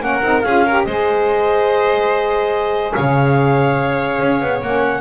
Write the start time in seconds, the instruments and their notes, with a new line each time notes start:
0.00 double bass A#3, saxophone C#4, violin A#4, clarinet F#5
0.22 double bass C4, saxophone D#4
0.41 double bass C#4, saxophone F4, violin G#4, clarinet F5
0.64 saxophone G4, violin A#4
0.84 double bass G#3, saxophone G#4, violin C5, clarinet D#5
2.93 double bass C#3, violin C#5, clarinet F5
4.20 double bass C#4
4.41 double bass B3
4.62 double bass A#3, saxophone C#4, clarinet F#5